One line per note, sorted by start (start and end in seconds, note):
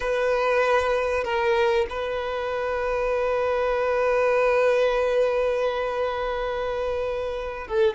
0.00 1.23 B4
1.24 1.86 A#4
1.89 7.67 B4
7.67 7.94 A4